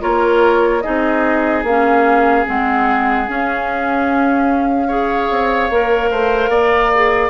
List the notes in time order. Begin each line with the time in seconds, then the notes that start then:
0.00 A#3 F4 A#4 C#5
0.81 C4 D#4 G#4 D#5
1.63 A#3 C#4 F5
2.45 G#3 C4 F#5
3.27 C#4 F5
4.87 G#4 C#5
5.30 C4
5.70 A#3 A#4
6.10 A3 C5
6.48 A#3 D5
6.94 G#4